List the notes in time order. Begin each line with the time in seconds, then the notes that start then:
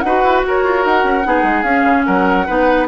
0.00 D#4 F#4 B4 F#5
0.24 E4
0.42 F#4 A#4 C#5
0.64 F4
0.85 D#4 F#5
1.03 C#4
1.23 B3 D#4 G#4
1.43 G#3
1.62 C#4 F5
1.69 C#4
1.84 C#3
2.05 F#3 A#4 F#5
2.46 B3 D#4 B4